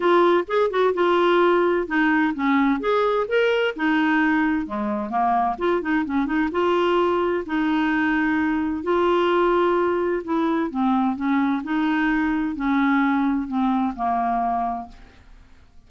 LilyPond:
\new Staff \with { instrumentName = "clarinet" } { \time 4/4 \tempo 4 = 129 f'4 gis'8 fis'8 f'2 | dis'4 cis'4 gis'4 ais'4 | dis'2 gis4 ais4 | f'8 dis'8 cis'8 dis'8 f'2 |
dis'2. f'4~ | f'2 e'4 c'4 | cis'4 dis'2 cis'4~ | cis'4 c'4 ais2 | }